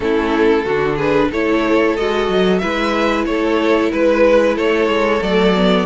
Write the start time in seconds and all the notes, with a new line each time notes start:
0.00 A3 C#4 E4 A4
0.65 D3 D4 F#4
0.96 G#4 B4
1.30 A3 E4 A4 C#5
1.96 G#3 F#4 D#5
2.29 F#3
2.58 G#3 E4 B4 E5
3.25 A3 A4 C#5
3.92 G#3 B4
4.56 A3 A4 C#5
4.87 G#3
5.20 F#3 A3 D5
5.55 B3